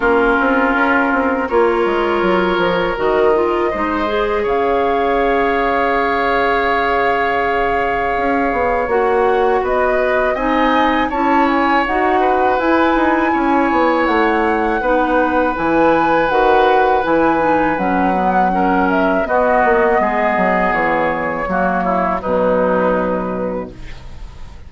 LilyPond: <<
  \new Staff \with { instrumentName = "flute" } { \time 4/4 \tempo 4 = 81 ais'2 cis''2 | dis''2 f''2~ | f''1 | fis''4 dis''4 gis''4 a''8 gis''8 |
fis''4 gis''2 fis''4~ | fis''4 gis''4 fis''4 gis''4 | fis''4. e''8 dis''2 | cis''2 b'2 | }
  \new Staff \with { instrumentName = "oboe" } { \time 4/4 f'2 ais'2~ | ais'4 c''4 cis''2~ | cis''1~ | cis''4 b'4 dis''4 cis''4~ |
cis''8 b'4. cis''2 | b'1~ | b'4 ais'4 fis'4 gis'4~ | gis'4 fis'8 e'8 dis'2 | }
  \new Staff \with { instrumentName = "clarinet" } { \time 4/4 cis'2 f'2 | fis'8 f'8 dis'8 gis'2~ gis'8~ | gis'1 | fis'2 dis'4 e'4 |
fis'4 e'2. | dis'4 e'4 fis'4 e'8 dis'8 | cis'8 b8 cis'4 b2~ | b4 ais4 fis2 | }
  \new Staff \with { instrumentName = "bassoon" } { \time 4/4 ais8 c'8 cis'8 c'8 ais8 gis8 fis8 f8 | dis4 gis4 cis2~ | cis2. cis'8 b8 | ais4 b4 c'4 cis'4 |
dis'4 e'8 dis'8 cis'8 b8 a4 | b4 e4 dis4 e4 | fis2 b8 ais8 gis8 fis8 | e4 fis4 b,2 | }
>>